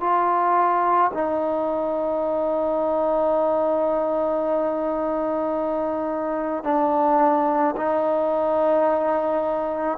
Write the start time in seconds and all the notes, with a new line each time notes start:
0.00 F4
1.14 D#4
6.64 D4
7.77 D#4